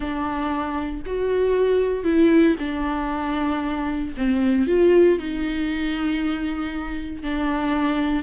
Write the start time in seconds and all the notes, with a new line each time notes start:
0.00 D4
1.06 F#4
2.04 E4
2.59 D4
4.17 C4
4.67 F4
5.18 D#4
7.22 D4